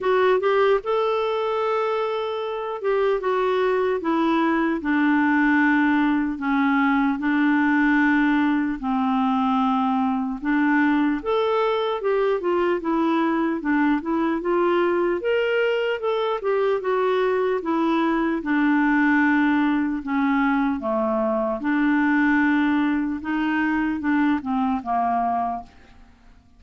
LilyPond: \new Staff \with { instrumentName = "clarinet" } { \time 4/4 \tempo 4 = 75 fis'8 g'8 a'2~ a'8 g'8 | fis'4 e'4 d'2 | cis'4 d'2 c'4~ | c'4 d'4 a'4 g'8 f'8 |
e'4 d'8 e'8 f'4 ais'4 | a'8 g'8 fis'4 e'4 d'4~ | d'4 cis'4 a4 d'4~ | d'4 dis'4 d'8 c'8 ais4 | }